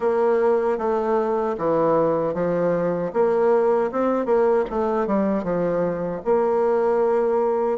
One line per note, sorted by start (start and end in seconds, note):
0.00 0.78 A#3
0.78 1.55 A3
1.58 2.34 E3
2.34 3.12 F3
3.13 3.91 A#3
3.91 4.25 C4
4.25 4.64 A#3
4.70 5.06 A3
5.06 5.43 G3
5.43 6.21 F3
6.24 7.78 A#3